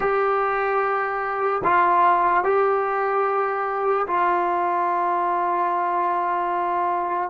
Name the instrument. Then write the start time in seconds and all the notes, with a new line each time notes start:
trombone
0.00 G4
1.64 F4
2.44 G4
4.07 F4